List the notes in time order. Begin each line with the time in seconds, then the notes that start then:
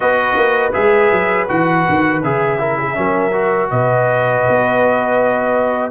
0.00 B3 F#4 B4 D#5
0.35 A#3
0.72 G#3 G#4 E5
1.11 F#3
1.48 E3 F#4 F#5
1.88 D#3
2.23 C#3 G#4 E5
2.58 E4 A#4
2.78 G#4
2.94 F#3 C#4 A#4
3.32 F#4
3.70 B2 B4 D#5
4.48 B3